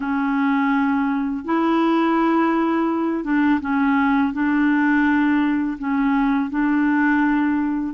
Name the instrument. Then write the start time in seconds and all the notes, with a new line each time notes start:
clarinet
0.00 C#4
1.44 E4
3.23 D4
3.60 C#4
4.33 D4
5.78 C#4
6.50 D4